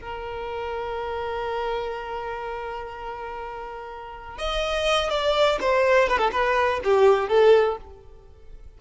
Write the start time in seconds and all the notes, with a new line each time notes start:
0.00 A#4
4.38 D#5
5.10 D5
5.61 C5
6.09 B4
6.19 A4
6.32 B4
6.84 G4
7.29 A4